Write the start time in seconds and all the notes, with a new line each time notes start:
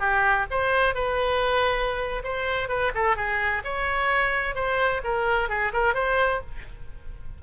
0.00 G4
0.51 C5
0.95 B4
2.25 C5
2.69 B4
2.95 A4
3.17 G#4
3.65 C#5
4.55 C5
5.04 A#4
5.49 G#4
5.74 A#4
5.95 C5